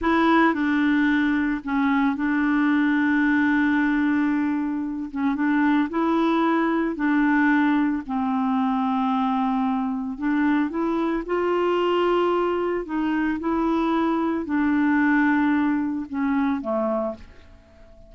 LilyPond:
\new Staff \with { instrumentName = "clarinet" } { \time 4/4 \tempo 4 = 112 e'4 d'2 cis'4 | d'1~ | d'4. cis'8 d'4 e'4~ | e'4 d'2 c'4~ |
c'2. d'4 | e'4 f'2. | dis'4 e'2 d'4~ | d'2 cis'4 a4 | }